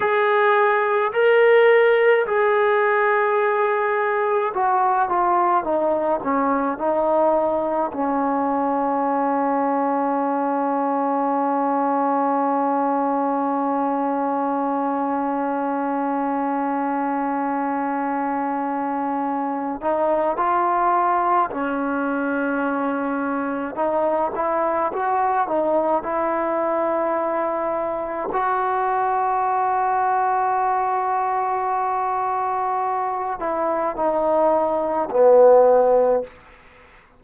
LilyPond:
\new Staff \with { instrumentName = "trombone" } { \time 4/4 \tempo 4 = 53 gis'4 ais'4 gis'2 | fis'8 f'8 dis'8 cis'8 dis'4 cis'4~ | cis'1~ | cis'1~ |
cis'4. dis'8 f'4 cis'4~ | cis'4 dis'8 e'8 fis'8 dis'8 e'4~ | e'4 fis'2.~ | fis'4. e'8 dis'4 b4 | }